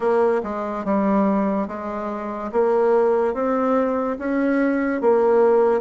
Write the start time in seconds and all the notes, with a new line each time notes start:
0.00 A#3
0.43 G#3
0.84 G3
1.67 G#3
2.52 A#3
3.33 C4
4.18 C#4
5.01 A#3